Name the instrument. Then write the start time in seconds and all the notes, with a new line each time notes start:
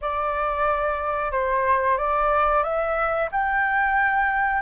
flute
0.01 D5
1.31 C5
1.98 D5
2.63 E5
3.31 G5